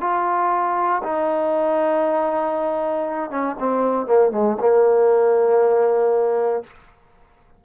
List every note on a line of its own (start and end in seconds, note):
0.00 1.02 F4
1.03 3.30 D#4
3.30 3.55 C#4
3.59 4.06 C4
4.06 4.31 A#3
4.31 4.56 G#3
4.60 6.63 A#3